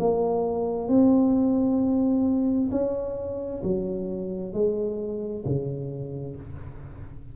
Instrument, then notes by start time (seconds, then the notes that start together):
tuba
0.00 A#3
0.89 C4
2.72 C#4
3.64 F#3
4.54 G#3
5.45 C#3